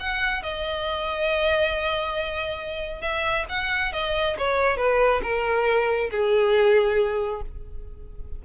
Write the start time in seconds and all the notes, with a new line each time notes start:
0.00 F#5
0.43 D#5
3.02 E5
3.49 F#5
3.93 D#5
4.39 C#5
4.77 B4
5.23 A#4
6.11 G#4